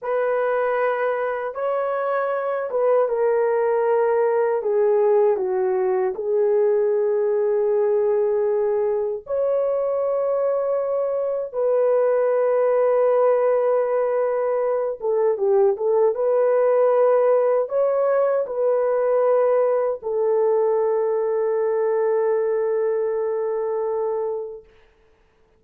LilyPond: \new Staff \with { instrumentName = "horn" } { \time 4/4 \tempo 4 = 78 b'2 cis''4. b'8 | ais'2 gis'4 fis'4 | gis'1 | cis''2. b'4~ |
b'2.~ b'8 a'8 | g'8 a'8 b'2 cis''4 | b'2 a'2~ | a'1 | }